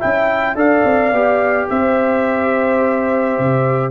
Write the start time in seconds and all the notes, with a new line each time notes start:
0.00 C#4 E4 E5 G5
0.56 D4 A4 D5 F5
0.85 C4
1.12 B3 G4
1.70 C4 C5 E5
3.39 C3